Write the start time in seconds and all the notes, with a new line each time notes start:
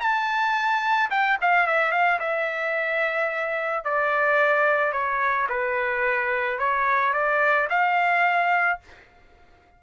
0.00 A5
1.11 G5
1.41 F5
1.67 E5
1.92 F5
2.20 E5
3.85 D5
4.93 C#5
5.49 B4
6.59 C#5
7.13 D5
7.70 F5